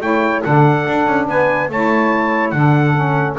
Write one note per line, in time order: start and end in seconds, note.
0.00 0.42 A3
0.00 0.42 E4
0.00 0.42 C#5
0.00 0.43 G5
0.42 0.87 D3
0.42 1.70 D4
0.42 1.26 A4
0.42 1.27 F#5
0.87 1.06 D4
1.06 1.27 C#4
1.27 1.69 B3
1.27 1.69 B4
1.27 1.71 G#5
1.69 2.52 A3
1.69 2.54 E4
1.69 2.53 C#5
1.69 2.50 A5
2.50 3.36 D3
2.50 2.94 D4
2.50 3.37 A4
2.50 3.34 F#5
2.94 3.36 C#4